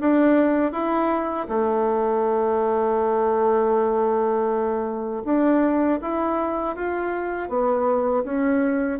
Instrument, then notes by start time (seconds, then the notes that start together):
bassoon
0.00 D4
0.72 E4
1.48 A3
5.25 D4
6.01 E4
6.76 F4
7.49 B3
8.24 C#4